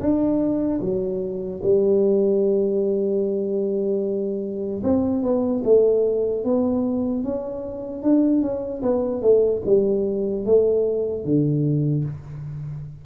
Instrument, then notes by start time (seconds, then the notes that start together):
tuba
0.00 D4
0.81 F#3
1.63 G3
4.84 C4
5.23 B3
5.64 A3
6.45 B3
7.24 C#4
8.03 D4
8.42 C#4
8.82 B3
9.22 A3
9.66 G3
10.45 A3
11.25 D3